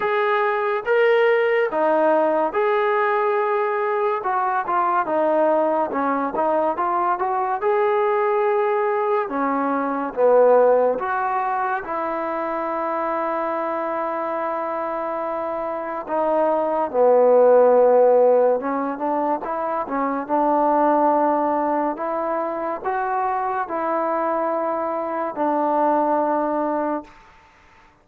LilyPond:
\new Staff \with { instrumentName = "trombone" } { \time 4/4 \tempo 4 = 71 gis'4 ais'4 dis'4 gis'4~ | gis'4 fis'8 f'8 dis'4 cis'8 dis'8 | f'8 fis'8 gis'2 cis'4 | b4 fis'4 e'2~ |
e'2. dis'4 | b2 cis'8 d'8 e'8 cis'8 | d'2 e'4 fis'4 | e'2 d'2 | }